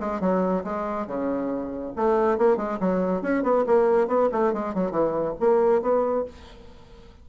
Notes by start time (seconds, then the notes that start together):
0.00 G#3
0.21 F#3
0.64 G#3
1.07 C#3
1.96 A3
2.38 A#3
2.57 G#3
2.80 F#3
3.22 C#4
3.43 B3
3.66 A#3
4.08 B3
4.32 A3
4.53 G#3
4.74 F#3
4.91 E3
5.40 A#3
5.82 B3